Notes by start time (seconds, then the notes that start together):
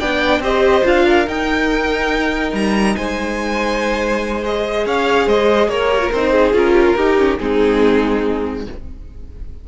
0.00 B3 D4 D5 G5
0.40 C4 G4 C5 D#5
0.85 D4 F4 F5
1.06 A#4
1.27 D#4 G5
2.53 G3 A#5
2.96 G#3 C5 G#5
4.43 G#4 D#5
4.86 C#4 C#5 F5
5.27 G#3 C5 D#5
5.68 A#3 A#4 C#5
5.91 G4
6.00 F4
6.12 C4 D#4 C5
6.33 G#4
6.54 C#4 F4 A#4
6.74 G4
6.87 F4
6.97 D#4 G4
7.18 C#4
7.38 G#3 C4 D#4 G#4